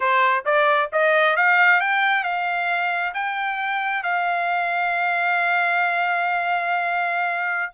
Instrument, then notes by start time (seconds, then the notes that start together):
trumpet
0.00 C5
0.45 D5
0.92 D#5
1.36 F5
1.80 G5
2.23 F5
3.14 G5
4.03 F5